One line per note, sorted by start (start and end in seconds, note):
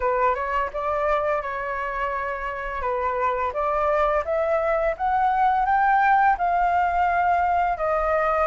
0.00 0.34 B4
0.34 0.70 C#5
0.73 1.41 D5
1.41 2.81 C#5
2.81 3.52 B4
3.53 4.24 D5
4.24 4.95 E5
4.97 5.65 F#5
5.65 6.36 G5
6.38 7.77 F5
7.77 8.47 D#5